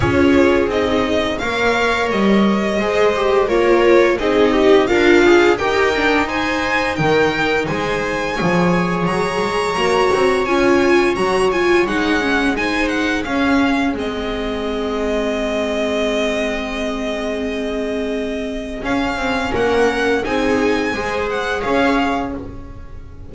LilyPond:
<<
  \new Staff \with { instrumentName = "violin" } { \time 4/4 \tempo 4 = 86 cis''4 dis''4 f''4 dis''4~ | dis''4 cis''4 dis''4 f''4 | g''4 gis''4 g''4 gis''4~ | gis''4 ais''2 gis''4 |
ais''8 gis''8 fis''4 gis''8 fis''8 f''4 | dis''1~ | dis''2. f''4 | fis''4 gis''4. fis''8 f''4 | }
  \new Staff \with { instrumentName = "viola" } { \time 4/4 gis'2 cis''2 | c''4 ais'4 gis'8 g'8 f'4 | ais'4 c''4 ais'4 c''4 | cis''1~ |
cis''2 c''4 gis'4~ | gis'1~ | gis'1 | ais'4 gis'4 c''4 cis''4 | }
  \new Staff \with { instrumentName = "viola" } { \time 4/4 f'4 dis'4 ais'2 | gis'8 g'8 f'4 dis'4 ais'8 gis'8 | g'8 d'8 dis'2. | gis'2 fis'4 f'4 |
fis'8 f'8 dis'8 cis'8 dis'4 cis'4 | c'1~ | c'2. cis'4~ | cis'4 dis'4 gis'2 | }
  \new Staff \with { instrumentName = "double bass" } { \time 4/4 cis'4 c'4 ais4 g4 | gis4 ais4 c'4 d'4 | dis'2 dis4 gis4 | f4 fis8 gis8 ais8 c'8 cis'4 |
fis4 gis2 cis'4 | gis1~ | gis2. cis'8 c'8 | ais4 c'4 gis4 cis'4 | }
>>